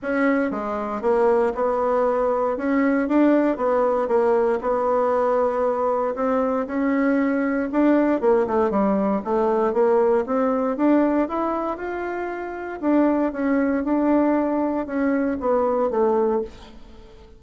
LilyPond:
\new Staff \with { instrumentName = "bassoon" } { \time 4/4 \tempo 4 = 117 cis'4 gis4 ais4 b4~ | b4 cis'4 d'4 b4 | ais4 b2. | c'4 cis'2 d'4 |
ais8 a8 g4 a4 ais4 | c'4 d'4 e'4 f'4~ | f'4 d'4 cis'4 d'4~ | d'4 cis'4 b4 a4 | }